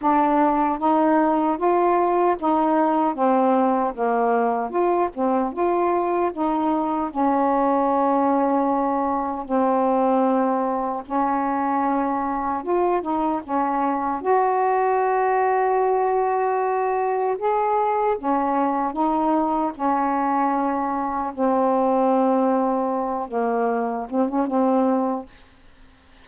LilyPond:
\new Staff \with { instrumentName = "saxophone" } { \time 4/4 \tempo 4 = 76 d'4 dis'4 f'4 dis'4 | c'4 ais4 f'8 c'8 f'4 | dis'4 cis'2. | c'2 cis'2 |
f'8 dis'8 cis'4 fis'2~ | fis'2 gis'4 cis'4 | dis'4 cis'2 c'4~ | c'4. ais4 c'16 cis'16 c'4 | }